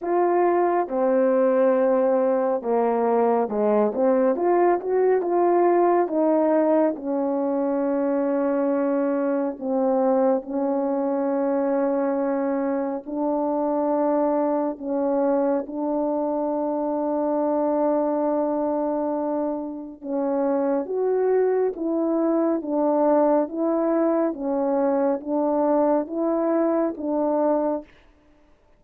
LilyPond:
\new Staff \with { instrumentName = "horn" } { \time 4/4 \tempo 4 = 69 f'4 c'2 ais4 | gis8 c'8 f'8 fis'8 f'4 dis'4 | cis'2. c'4 | cis'2. d'4~ |
d'4 cis'4 d'2~ | d'2. cis'4 | fis'4 e'4 d'4 e'4 | cis'4 d'4 e'4 d'4 | }